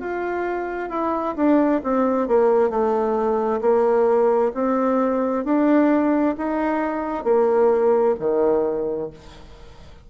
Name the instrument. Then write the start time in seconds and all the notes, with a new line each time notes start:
bassoon
0.00 F4
0.90 E4
1.36 D4
1.83 C4
2.28 A#3
2.70 A3
3.61 A#3
4.54 C4
5.45 D4
6.38 D#4
7.24 A#3
8.20 D#3